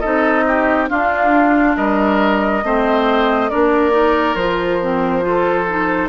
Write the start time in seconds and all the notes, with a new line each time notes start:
0.00 C4 D#4 A4 D#5
0.48 G4
0.89 D4 F4 F5
1.77 G3 A#4 D#5
2.64 A3 C4 C5
3.50 A#3 D4 A#4 D5
3.91 D#4
4.35 F3 F4 C5
4.82 C4
5.22 F4 A4
5.69 D#4